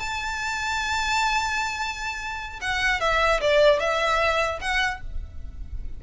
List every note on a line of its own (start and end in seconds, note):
0.00 2.60 A5
2.62 3.01 F#5
3.01 3.41 E5
3.41 3.80 D5
3.80 4.60 E5
4.61 5.01 F#5